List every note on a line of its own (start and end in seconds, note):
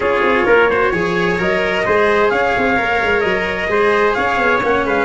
0.00 0.21 C#4
0.00 0.70 F4
0.00 0.46 G#4
0.00 1.36 C#5
0.22 0.45 C4
0.46 0.91 A#3
0.46 0.69 A#4
0.70 0.93 F#4
0.70 0.91 C5
0.91 1.38 F3
0.91 1.38 G#4
0.91 1.84 C#5
1.38 1.84 F#3
1.38 1.84 A#4
1.38 2.29 D#5
1.85 2.31 G#3
1.85 2.77 G#4
1.85 2.31 C5
2.29 2.54 C#4
2.29 3.69 C#5
2.29 3.20 F5
2.57 2.78 C4
2.77 3.01 A#3
2.77 3.67 A#4
3.02 3.24 G#3
3.20 3.68 F#3
3.20 4.12 D#5
3.67 4.14 G#3
3.67 4.60 G#4
3.67 4.16 C5
4.14 4.37 C#4
4.14 4.85 C#5
4.14 4.60 F5
4.37 4.60 B3
4.62 4.85 A#3
4.62 5.05 C#4
4.62 4.87 F#5
4.85 5.05 G#3
4.85 5.05 B4
4.85 5.05 F5